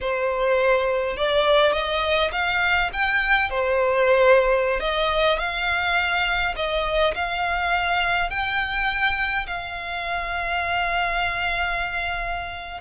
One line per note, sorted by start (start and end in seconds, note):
0.00 1.17 C5
1.17 1.72 D5
1.72 2.30 D#5
2.31 2.90 F5
2.92 3.50 G5
3.50 4.80 C5
4.80 5.38 D#5
5.38 6.54 F5
6.56 7.14 D#5
7.14 8.30 F5
8.30 9.46 G5
9.46 12.80 F5